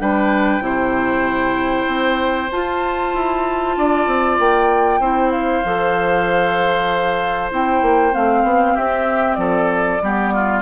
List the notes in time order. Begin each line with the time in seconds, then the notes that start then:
0.00 G3 D4 B4 G5
0.60 C3 E4 C5
1.87 C4
2.51 F4 A5
3.14 E4
3.76 D4 D5
4.07 C4
4.39 A#3 G5
4.99 C4 E4 C5
5.31 F5
5.64 F3 A4
7.51 C4 E4 G5
7.82 A#3
8.11 A3 C4 F5
8.43 B3
8.74 C4 G4 E5
9.34 F3 A4 D5
10.02 G3 B3 G4
10.33 F4